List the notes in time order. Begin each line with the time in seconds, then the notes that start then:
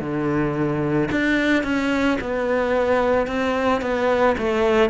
0.00 D3
1.11 D4
1.63 C#4
2.20 B3
3.27 C4
3.81 B3
4.37 A3